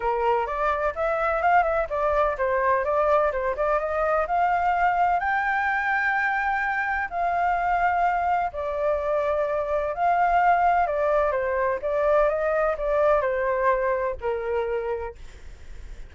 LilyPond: \new Staff \with { instrumentName = "flute" } { \time 4/4 \tempo 4 = 127 ais'4 d''4 e''4 f''8 e''8 | d''4 c''4 d''4 c''8 d''8 | dis''4 f''2 g''4~ | g''2. f''4~ |
f''2 d''2~ | d''4 f''2 d''4 | c''4 d''4 dis''4 d''4 | c''2 ais'2 | }